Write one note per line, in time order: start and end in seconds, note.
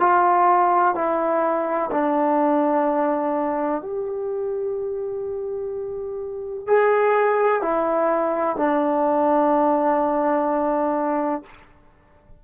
0.00 0.95 F4
0.95 1.90 E4
1.91 3.82 D4
3.82 6.67 G4
6.67 7.62 G#4
7.62 8.57 E4
8.57 11.43 D4